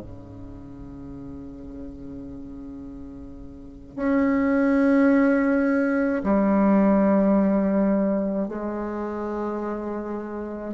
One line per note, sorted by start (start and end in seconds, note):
0.00 3.96 C#3
3.96 6.23 C#4
6.23 8.48 G3
8.48 10.74 G#3